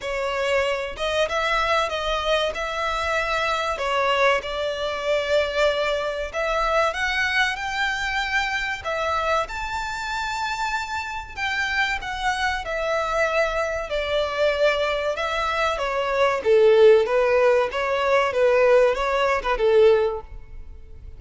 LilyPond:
\new Staff \with { instrumentName = "violin" } { \time 4/4 \tempo 4 = 95 cis''4. dis''8 e''4 dis''4 | e''2 cis''4 d''4~ | d''2 e''4 fis''4 | g''2 e''4 a''4~ |
a''2 g''4 fis''4 | e''2 d''2 | e''4 cis''4 a'4 b'4 | cis''4 b'4 cis''8. b'16 a'4 | }